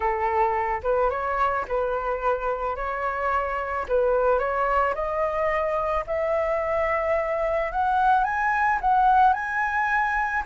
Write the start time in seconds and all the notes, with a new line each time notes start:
0.00 A4
0.83 B4
1.10 C#5
1.68 B4
2.75 C#5
3.88 B4
4.38 C#5
4.94 D#5
6.06 E5
7.72 F#5
8.24 G#5
8.81 F#5
9.33 G#5